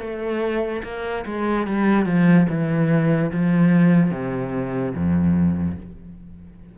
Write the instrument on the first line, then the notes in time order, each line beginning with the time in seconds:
cello
0.00 A3
0.83 A#3
1.26 G#3
1.67 G3
2.05 F3
2.49 E3
3.32 F3
4.11 C3
4.95 F2